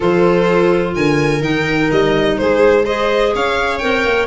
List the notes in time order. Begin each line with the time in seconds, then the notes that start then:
0.00 F3 F4 A4 C5
0.94 D3 A#4 G#5
1.40 D#3 D#4 G5
1.91 G3 D#5
2.37 G#3 G#4 C5
2.84 G#4 C5 D#5
3.35 C#4 C#5 F5
3.78 C4 A#4 G5
4.05 A#3